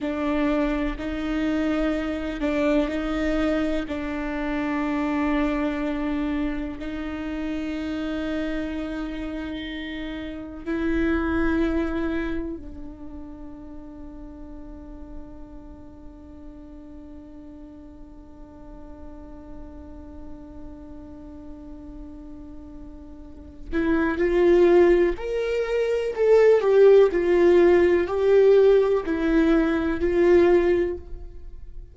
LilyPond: \new Staff \with { instrumentName = "viola" } { \time 4/4 \tempo 4 = 62 d'4 dis'4. d'8 dis'4 | d'2. dis'4~ | dis'2. e'4~ | e'4 d'2.~ |
d'1~ | d'1~ | d'8 e'8 f'4 ais'4 a'8 g'8 | f'4 g'4 e'4 f'4 | }